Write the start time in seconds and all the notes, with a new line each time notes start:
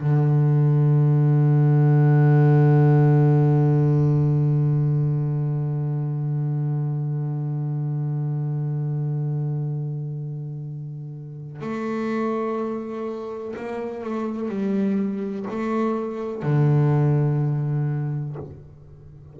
0.00 D3
11.60 A3
13.56 A#3
14.03 A3
14.49 G3
15.50 A3
16.42 D3